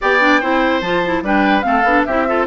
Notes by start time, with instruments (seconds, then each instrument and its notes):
0.01 bassoon B3, clarinet G4, oboe D5, flute G5
0.20 clarinet D4
0.41 bassoon C4, clarinet E4, oboe C5
0.80 bassoon F3, clarinet F4, flute A5
1.04 clarinet E4
1.22 bassoon G3, clarinet D4, oboe B4, flute G5
1.61 bassoon A3, clarinet C4, oboe A4, flute F5
1.83 bassoon B3, clarinet D4
2.04 bassoon C4, clarinet E4, oboe G4, flute E5
2.27 clarinet F4, oboe A4